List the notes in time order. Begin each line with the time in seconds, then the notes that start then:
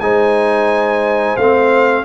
0.00 G#3 D#4 C5 G#5
1.37 A3 C4 F5